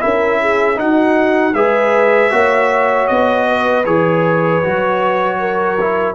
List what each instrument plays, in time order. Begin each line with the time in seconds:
0.00 tuba C#4, trombone E4, horn A#4, trumpet E5
0.41 horn G#4
0.76 trombone D#4, tuba D#4, horn F#4, trumpet F#5
1.54 tuba G#3, trombone G#4, horn B4, trumpet E5
2.31 tuba A#3, trombone F#4, horn C#5
3.08 tuba B3, trumpet D#5
3.48 horn B4
3.85 tuba E3, trombone G#4, trumpet C#5
4.63 tuba F#3, trombone F#4
5.40 horn A#4
5.81 trombone E4